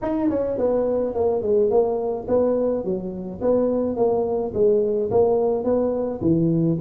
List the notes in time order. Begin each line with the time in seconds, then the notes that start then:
0.02 D#4
0.29 C#4
0.58 B3
1.14 A#3
1.42 G#3
1.70 A#3
2.28 B3
2.84 F#3
3.41 B3
3.96 A#3
4.54 G#3
5.10 A#3
5.63 B3
6.21 E3